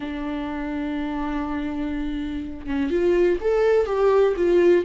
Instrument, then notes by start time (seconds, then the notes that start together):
viola
0.00 D4
2.66 C#4
2.90 F4
3.40 A4
3.86 G4
4.36 F4